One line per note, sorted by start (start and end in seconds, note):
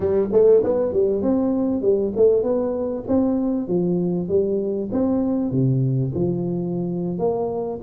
0.00 0.28 G3
0.32 0.63 A3
0.63 0.92 B3
0.92 1.22 G3
1.22 1.81 C4
1.81 2.12 G3
2.16 2.42 A3
2.42 3.04 B3
3.07 3.67 C4
3.67 4.28 F3
4.28 4.89 G3
4.91 5.51 C4
5.51 6.12 C3
6.14 7.18 F3
7.18 7.79 A#3